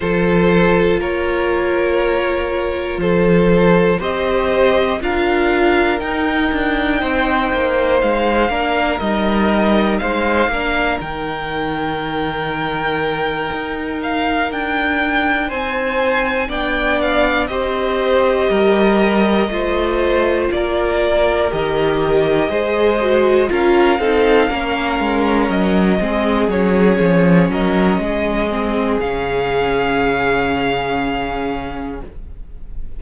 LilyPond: <<
  \new Staff \with { instrumentName = "violin" } { \time 4/4 \tempo 4 = 60 c''4 cis''2 c''4 | dis''4 f''4 g''2 | f''4 dis''4 f''4 g''4~ | g''2 f''8 g''4 gis''8~ |
gis''8 g''8 f''8 dis''2~ dis''8~ | dis''8 d''4 dis''2 f''8~ | f''4. dis''4 cis''4 dis''8~ | dis''4 f''2. | }
  \new Staff \with { instrumentName = "violin" } { \time 4/4 a'4 ais'2 a'4 | c''4 ais'2 c''4~ | c''8 ais'4. c''8 ais'4.~ | ais'2.~ ais'8 c''8~ |
c''8 d''4 c''4 ais'4 c''8~ | c''8 ais'2 c''4 ais'8 | a'8 ais'4. gis'4. ais'8 | gis'1 | }
  \new Staff \with { instrumentName = "viola" } { \time 4/4 f'1 | g'4 f'4 dis'2~ | dis'8 d'8 dis'4. d'8 dis'4~ | dis'1~ |
dis'8 d'4 g'2 f'8~ | f'4. g'4 gis'8 fis'8 f'8 | dis'8 cis'4. c'8 cis'4.~ | cis'8 c'8 cis'2. | }
  \new Staff \with { instrumentName = "cello" } { \time 4/4 f4 ais2 f4 | c'4 d'4 dis'8 d'8 c'8 ais8 | gis8 ais8 g4 gis8 ais8 dis4~ | dis4. dis'4 d'4 c'8~ |
c'8 b4 c'4 g4 a8~ | a8 ais4 dis4 gis4 cis'8 | c'8 ais8 gis8 fis8 gis8 fis8 f8 fis8 | gis4 cis2. | }
>>